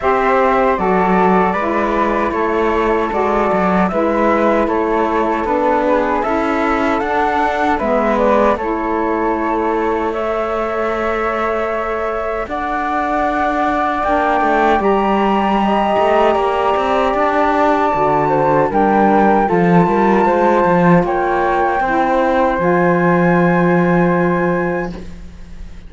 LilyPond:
<<
  \new Staff \with { instrumentName = "flute" } { \time 4/4 \tempo 4 = 77 e''4 d''2 cis''4 | d''4 e''4 cis''4 b'4 | e''4 fis''4 e''8 d''8 cis''4~ | cis''4 e''2. |
fis''2 g''4 ais''4~ | ais''2 a''2 | g''4 a''2 g''4~ | g''4 gis''2. | }
  \new Staff \with { instrumentName = "flute" } { \time 4/4 c''4 a'4 b'4 a'4~ | a'4 b'4 a'4. gis'8 | a'2 b'4 a'4~ | a'4 cis''2. |
d''1 | dis''4 d''2~ d''8 c''8 | ais'4 a'8 ais'8 c''4 cis''4 | c''1 | }
  \new Staff \with { instrumentName = "saxophone" } { \time 4/4 g'4 fis'4 e'2 | fis'4 e'2 d'4 | e'4 d'4 b4 e'4~ | e'4 a'2.~ |
a'2 d'4 g'4~ | g'2. fis'4 | d'4 f'2. | e'4 f'2. | }
  \new Staff \with { instrumentName = "cello" } { \time 4/4 c'4 fis4 gis4 a4 | gis8 fis8 gis4 a4 b4 | cis'4 d'4 gis4 a4~ | a1 |
d'2 ais8 a8 g4~ | g8 a8 ais8 c'8 d'4 d4 | g4 f8 g8 gis8 f8 ais4 | c'4 f2. | }
>>